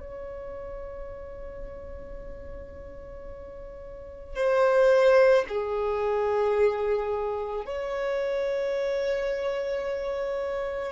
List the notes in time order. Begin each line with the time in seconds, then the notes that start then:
0.00 C#5
4.36 C5
5.48 G#4
7.66 C#5